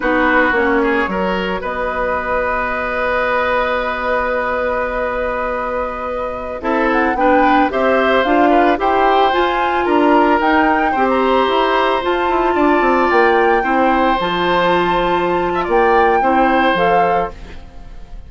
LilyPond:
<<
  \new Staff \with { instrumentName = "flute" } { \time 4/4 \tempo 4 = 111 b'4 cis''2 dis''4~ | dis''1~ | dis''1~ | dis''16 e''8 fis''8 g''4 e''4 f''8.~ |
f''16 g''4 gis''4 ais''4 g''8.~ | g''8 ais''4.~ ais''16 a''4.~ a''16~ | a''16 g''2 a''4.~ a''16~ | a''4 g''2 f''4 | }
  \new Staff \with { instrumentName = "oboe" } { \time 4/4 fis'4. gis'8 ais'4 b'4~ | b'1~ | b'1~ | b'16 a'4 b'4 c''4. b'16~ |
b'16 c''2 ais'4.~ ais'16~ | ais'16 c''2. d''8.~ | d''4~ d''16 c''2~ c''8.~ | c''8. e''16 d''4 c''2 | }
  \new Staff \with { instrumentName = "clarinet" } { \time 4/4 dis'4 cis'4 fis'2~ | fis'1~ | fis'1~ | fis'16 e'4 d'4 g'4 f'8.~ |
f'16 g'4 f'2 dis'8.~ | dis'16 g'2 f'4.~ f'16~ | f'4~ f'16 e'4 f'4.~ f'16~ | f'2 e'4 a'4 | }
  \new Staff \with { instrumentName = "bassoon" } { \time 4/4 b4 ais4 fis4 b4~ | b1~ | b1~ | b16 c'4 b4 c'4 d'8.~ |
d'16 e'4 f'4 d'4 dis'8.~ | dis'16 c'4 e'4 f'8 e'8 d'8 c'16~ | c'16 ais4 c'4 f4.~ f16~ | f4 ais4 c'4 f4 | }
>>